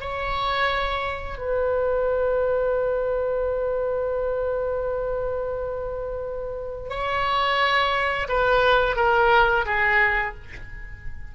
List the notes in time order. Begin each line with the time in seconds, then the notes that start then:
0.00 C#5
1.38 B4
6.89 C#5
8.28 B4
8.96 A#4
9.65 G#4